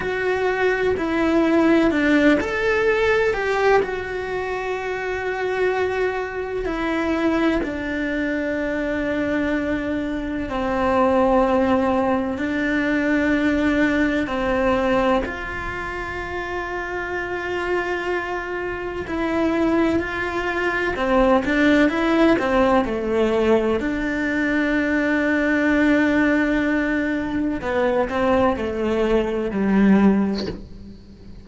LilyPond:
\new Staff \with { instrumentName = "cello" } { \time 4/4 \tempo 4 = 63 fis'4 e'4 d'8 a'4 g'8 | fis'2. e'4 | d'2. c'4~ | c'4 d'2 c'4 |
f'1 | e'4 f'4 c'8 d'8 e'8 c'8 | a4 d'2.~ | d'4 b8 c'8 a4 g4 | }